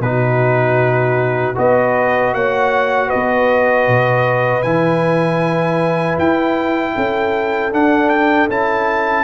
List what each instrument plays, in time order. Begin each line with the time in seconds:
0.00 tuba B2, trombone D#4, horn F#4, trumpet B4
1.55 tuba B3, trombone F#4, horn B4, trumpet D#5
2.34 tuba A#3, horn C#5, trumpet F#5
3.07 horn B4, trumpet D#5
3.14 tuba B3
3.87 tuba B2
4.62 tuba E3, trombone E4, trumpet G#5
6.18 tuba E4, trumpet G5
6.95 tuba C#4, horn A4
7.72 tuba D4, trombone D4, trumpet F#5
8.09 trumpet G5
8.49 tuba C#4, trombone E4, trumpet A5